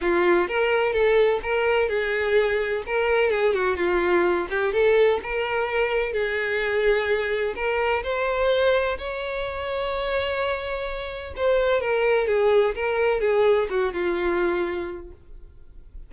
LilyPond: \new Staff \with { instrumentName = "violin" } { \time 4/4 \tempo 4 = 127 f'4 ais'4 a'4 ais'4 | gis'2 ais'4 gis'8 fis'8 | f'4. g'8 a'4 ais'4~ | ais'4 gis'2. |
ais'4 c''2 cis''4~ | cis''1 | c''4 ais'4 gis'4 ais'4 | gis'4 fis'8 f'2~ f'8 | }